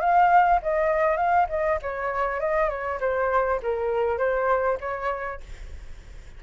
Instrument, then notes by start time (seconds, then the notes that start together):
flute
0.00 F5
0.62 D#5
1.17 F5
1.49 D#5
1.82 C#5
2.40 D#5
2.69 C#5
3.00 C5
3.62 A#4
4.18 C5
4.80 C#5